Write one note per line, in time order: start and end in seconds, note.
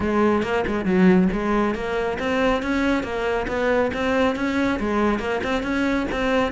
0.00 0.42 G#3
0.42 0.64 A#3
0.66 0.85 G#3
0.85 1.28 F#3
1.32 1.74 G#3
1.74 2.18 A#3
2.19 2.62 C4
2.62 3.03 C#4
3.03 3.46 A#3
3.47 3.91 B3
3.93 4.35 C4
4.35 4.79 C#4
4.79 5.19 G#3
5.19 5.41 A#3
5.43 5.63 C4
5.63 6.06 C#4
6.11 6.52 C4